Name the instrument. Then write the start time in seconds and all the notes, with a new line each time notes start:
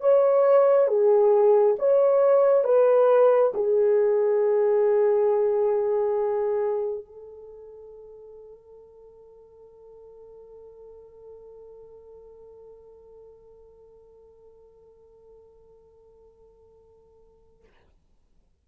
horn
0.00 C#5
0.87 G#4
1.78 C#5
2.64 B4
3.54 G#4
7.04 A4